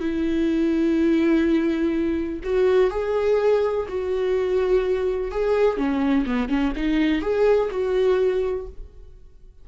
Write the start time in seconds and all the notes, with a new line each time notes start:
0.00 E4
2.43 F#4
2.90 G#4
3.88 F#4
5.31 G#4
5.77 C#4
6.26 B3
6.49 C#4
6.76 D#4
7.21 G#4
7.71 F#4